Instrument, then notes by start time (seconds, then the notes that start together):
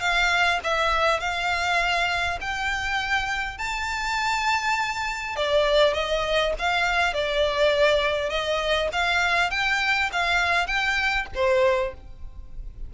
violin
0.00 F5
0.63 E5
1.20 F5
2.41 G5
3.58 A5
5.36 D5
5.94 D#5
6.59 F5
7.14 D5
8.29 D#5
8.92 F5
9.50 G5
10.12 F5
10.67 G5
11.34 C5